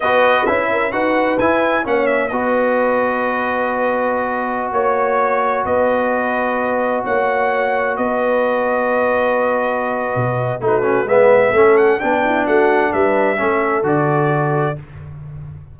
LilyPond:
<<
  \new Staff \with { instrumentName = "trumpet" } { \time 4/4 \tempo 4 = 130 dis''4 e''4 fis''4 gis''4 | fis''8 e''8 dis''2.~ | dis''2~ dis''16 cis''4.~ cis''16~ | cis''16 dis''2. fis''8.~ |
fis''4~ fis''16 dis''2~ dis''8.~ | dis''2. b'4 | e''4. fis''8 g''4 fis''4 | e''2 d''2 | }
  \new Staff \with { instrumentName = "horn" } { \time 4/4 b'4. ais'8 b'2 | cis''4 b'2.~ | b'2~ b'16 cis''4.~ cis''16~ | cis''16 b'2. cis''8.~ |
cis''4~ cis''16 b'2~ b'8.~ | b'2. fis'4 | b'4 a'4 d'8 e'8 fis'4 | b'4 a'2. | }
  \new Staff \with { instrumentName = "trombone" } { \time 4/4 fis'4 e'4 fis'4 e'4 | cis'4 fis'2.~ | fis'1~ | fis'1~ |
fis'1~ | fis'2. dis'8 cis'8 | b4 cis'4 d'2~ | d'4 cis'4 fis'2 | }
  \new Staff \with { instrumentName = "tuba" } { \time 4/4 b4 cis'4 dis'4 e'4 | ais4 b2.~ | b2~ b16 ais4.~ ais16~ | ais16 b2. ais8.~ |
ais4~ ais16 b2~ b8.~ | b2 b,4 a4 | gis4 a4 b4 a4 | g4 a4 d2 | }
>>